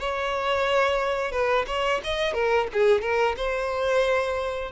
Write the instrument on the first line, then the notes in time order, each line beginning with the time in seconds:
violin
0.00 C#5
1.32 B4
1.67 C#5
2.04 D#5
2.34 A#4
2.73 G#4
3.02 A#4
3.37 C5